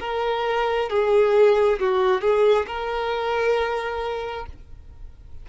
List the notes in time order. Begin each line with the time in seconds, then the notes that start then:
0.00 A#4
0.90 G#4
1.80 F#4
2.21 G#4
2.67 A#4